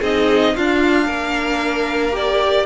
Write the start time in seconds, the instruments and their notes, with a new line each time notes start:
0.00 cello C4, viola D#4, violin G#4 D#5
0.54 cello D4, viola D4, violin F4 F5
1.06 cello A#3, violin A#4
2.12 viola G4, violin D5